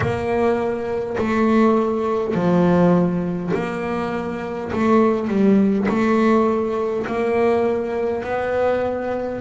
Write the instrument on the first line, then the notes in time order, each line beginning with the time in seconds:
double bass
0.00 A#3
1.17 A3
2.34 F3
3.53 A#3
4.72 A3
5.28 G3
5.88 A3
7.06 A#3
8.24 B3